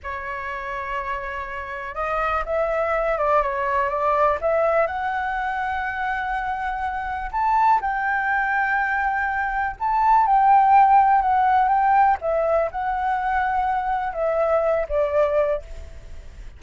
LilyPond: \new Staff \with { instrumentName = "flute" } { \time 4/4 \tempo 4 = 123 cis''1 | dis''4 e''4. d''8 cis''4 | d''4 e''4 fis''2~ | fis''2. a''4 |
g''1 | a''4 g''2 fis''4 | g''4 e''4 fis''2~ | fis''4 e''4. d''4. | }